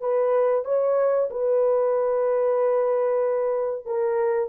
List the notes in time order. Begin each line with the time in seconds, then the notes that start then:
0.00 B4
0.64 C#5
1.30 B4
3.85 A#4